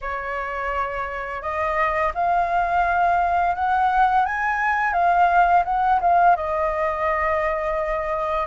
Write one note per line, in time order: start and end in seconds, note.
0.01 1.41 C#5
1.41 2.12 D#5
2.14 3.55 F5
3.55 4.25 F#5
4.25 4.93 G#5
4.93 5.63 F5
5.64 6.00 F#5
6.00 6.36 F5
6.36 8.46 D#5